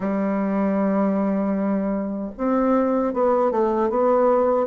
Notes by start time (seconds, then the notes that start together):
0.00 G3
2.37 C4
3.13 B3
3.51 A3
3.89 B3